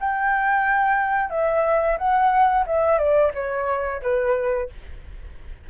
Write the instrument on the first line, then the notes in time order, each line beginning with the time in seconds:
flute
0.00 G5
1.30 E5
1.98 F#5
2.67 E5
2.98 D5
3.34 C#5
4.02 B4